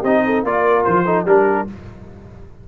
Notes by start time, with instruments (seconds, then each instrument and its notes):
0.00 tuba C4, trombone D#4, horn G4, trumpet D#5
0.26 horn A4
0.44 tuba A#3, trombone F4, horn A#4, trumpet D5
0.85 tuba F3, trumpet C5
1.05 trombone D#4, horn A4
1.26 tuba G3, trombone D4, horn G4, trumpet A#4